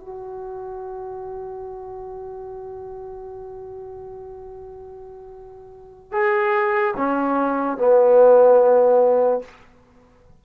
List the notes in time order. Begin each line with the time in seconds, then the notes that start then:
0.00 F#4
6.12 G#4
6.97 C#4
7.77 B3